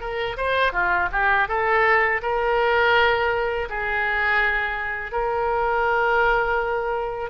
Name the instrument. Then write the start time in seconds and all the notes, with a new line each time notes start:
oboe
0.00 A#4
0.37 C5
0.73 F4
1.11 G4
1.48 A4
2.22 A#4
3.69 G#4
5.12 A#4